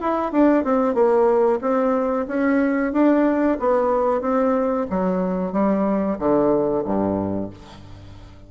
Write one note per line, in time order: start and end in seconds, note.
0.00 0.32 E4
0.32 0.64 D4
0.64 0.94 C4
0.94 1.59 A#3
1.61 2.26 C4
2.27 2.93 C#4
2.93 3.58 D4
3.60 4.21 B3
4.21 4.86 C4
4.90 5.52 F#3
5.52 6.17 G3
6.19 6.84 D3
6.84 7.50 G2